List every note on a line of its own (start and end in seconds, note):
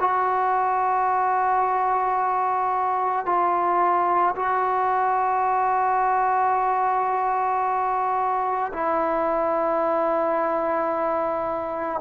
0.00 3.26 F#4
3.26 4.35 F4
4.36 8.72 F#4
8.73 12.00 E4